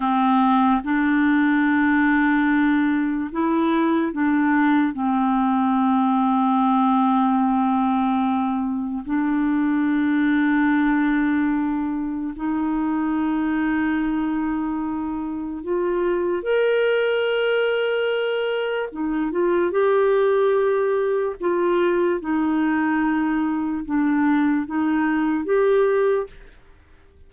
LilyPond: \new Staff \with { instrumentName = "clarinet" } { \time 4/4 \tempo 4 = 73 c'4 d'2. | e'4 d'4 c'2~ | c'2. d'4~ | d'2. dis'4~ |
dis'2. f'4 | ais'2. dis'8 f'8 | g'2 f'4 dis'4~ | dis'4 d'4 dis'4 g'4 | }